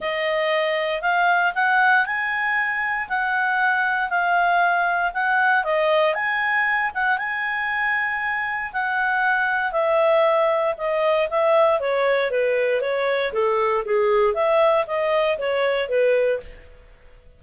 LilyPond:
\new Staff \with { instrumentName = "clarinet" } { \time 4/4 \tempo 4 = 117 dis''2 f''4 fis''4 | gis''2 fis''2 | f''2 fis''4 dis''4 | gis''4. fis''8 gis''2~ |
gis''4 fis''2 e''4~ | e''4 dis''4 e''4 cis''4 | b'4 cis''4 a'4 gis'4 | e''4 dis''4 cis''4 b'4 | }